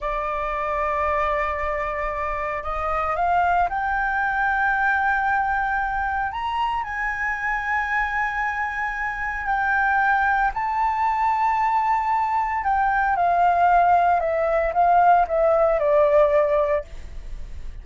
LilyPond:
\new Staff \with { instrumentName = "flute" } { \time 4/4 \tempo 4 = 114 d''1~ | d''4 dis''4 f''4 g''4~ | g''1 | ais''4 gis''2.~ |
gis''2 g''2 | a''1 | g''4 f''2 e''4 | f''4 e''4 d''2 | }